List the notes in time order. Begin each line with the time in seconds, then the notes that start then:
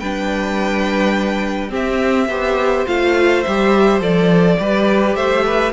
0.00 G3 D4 B4 G5
1.70 C4 G4 E5
2.28 B3 G4 C5
2.87 A3 F4 F5
3.43 G3 G4 E5
4.01 F3 A4 D5
4.59 G3 G4 B4
5.16 A3 C5 E5
5.46 B4